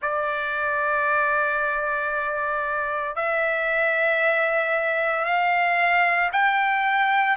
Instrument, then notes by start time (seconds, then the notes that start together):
trumpet
0.02 D5
3.15 E5
5.24 F5
6.32 G5